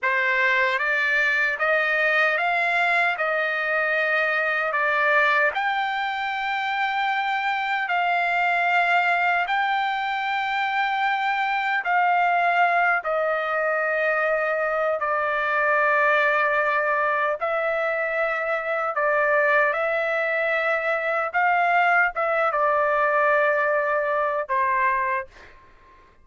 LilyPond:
\new Staff \with { instrumentName = "trumpet" } { \time 4/4 \tempo 4 = 76 c''4 d''4 dis''4 f''4 | dis''2 d''4 g''4~ | g''2 f''2 | g''2. f''4~ |
f''8 dis''2~ dis''8 d''4~ | d''2 e''2 | d''4 e''2 f''4 | e''8 d''2~ d''8 c''4 | }